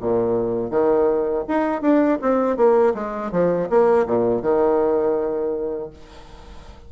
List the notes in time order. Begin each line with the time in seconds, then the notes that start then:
0.00 A#2
0.70 D#3
1.48 D#4
1.81 D4
2.22 C4
2.57 A#3
2.94 G#3
3.31 F3
3.69 A#3
4.06 A#2
4.42 D#3